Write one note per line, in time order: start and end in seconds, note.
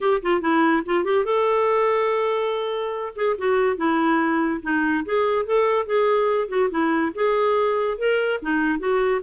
0.00 0.21 G4
0.22 0.41 F4
0.41 0.83 E4
0.85 1.04 F4
1.04 1.24 G4
1.24 3.13 A4
3.15 3.36 G#4
3.38 3.76 F#4
3.76 4.60 E4
4.62 5.04 D#4
5.05 5.45 G#4
5.45 5.85 A4
5.85 6.48 G#4
6.48 6.69 F#4
6.70 7.12 E4
7.15 7.98 G#4
7.98 8.40 A#4
8.41 8.79 D#4
8.79 9.21 F#4